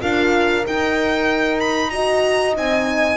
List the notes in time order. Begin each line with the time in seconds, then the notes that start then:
0.00 D4 F4 A#4 F5
0.65 D#4 G5
1.60 B5
1.90 F#4 D#5 A#5
2.55 C4 D#4 G#5